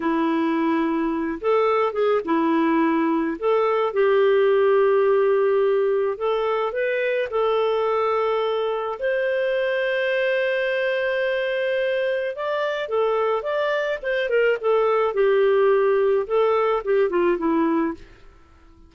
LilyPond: \new Staff \with { instrumentName = "clarinet" } { \time 4/4 \tempo 4 = 107 e'2~ e'8 a'4 gis'8 | e'2 a'4 g'4~ | g'2. a'4 | b'4 a'2. |
c''1~ | c''2 d''4 a'4 | d''4 c''8 ais'8 a'4 g'4~ | g'4 a'4 g'8 f'8 e'4 | }